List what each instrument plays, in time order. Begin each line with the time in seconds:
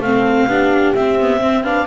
0.00 double bass A3, viola C4, horn A4, clarinet F5
0.47 double bass B3, viola D4, horn G4
0.95 double bass C4, viola C4, clarinet E5
1.20 viola B3
1.41 viola C4, horn C5
1.64 viola D4, horn B4, clarinet F5